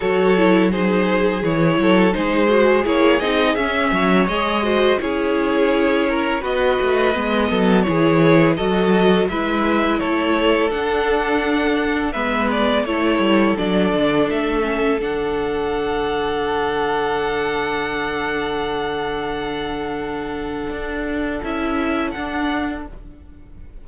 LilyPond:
<<
  \new Staff \with { instrumentName = "violin" } { \time 4/4 \tempo 4 = 84 cis''4 c''4 cis''4 c''4 | cis''8 dis''8 e''4 dis''4 cis''4~ | cis''4 dis''2 cis''4 | dis''4 e''4 cis''4 fis''4~ |
fis''4 e''8 d''8 cis''4 d''4 | e''4 fis''2.~ | fis''1~ | fis''2 e''4 fis''4 | }
  \new Staff \with { instrumentName = "violin" } { \time 4/4 a'4 gis'4. a'8 gis'4~ | gis'4. cis''4 c''8 gis'4~ | gis'8 ais'8 b'4. a'8 gis'4 | a'4 b'4 a'2~ |
a'4 b'4 a'2~ | a'1~ | a'1~ | a'1 | }
  \new Staff \with { instrumentName = "viola" } { \time 4/4 fis'8 e'8 dis'4 e'4 dis'8 fis'8 | e'8 dis'8 cis'4 gis'8 fis'8 e'4~ | e'4 fis'4 b4 e'4 | fis'4 e'2 d'4~ |
d'4 b4 e'4 d'4~ | d'8 cis'8 d'2.~ | d'1~ | d'2 e'4 d'4 | }
  \new Staff \with { instrumentName = "cello" } { \time 4/4 fis2 e8 fis8 gis4 | ais8 c'8 cis'8 fis8 gis4 cis'4~ | cis'4 b8 a8 gis8 fis8 e4 | fis4 gis4 a4 d'4~ |
d'4 gis4 a8 g8 fis8 d8 | a4 d2.~ | d1~ | d4 d'4 cis'4 d'4 | }
>>